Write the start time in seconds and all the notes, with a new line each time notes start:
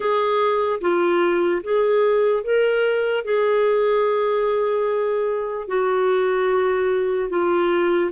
0.00 G#4
0.80 F4
1.63 G#4
2.43 A#4
3.24 G#4
5.68 F#4
7.29 F4